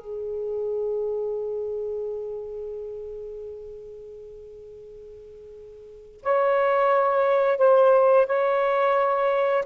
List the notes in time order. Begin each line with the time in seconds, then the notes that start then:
0.00 G#4
6.22 C#5
7.57 C5
8.26 C#5